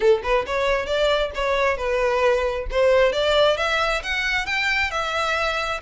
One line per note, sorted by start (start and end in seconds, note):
0.00 0.21 A4
0.23 0.45 B4
0.46 0.85 C#5
0.85 1.30 D5
1.34 1.77 C#5
1.77 2.66 B4
2.70 3.12 C5
3.12 3.57 D5
3.57 4.02 E5
4.03 4.46 F#5
4.46 4.91 G5
4.91 5.80 E5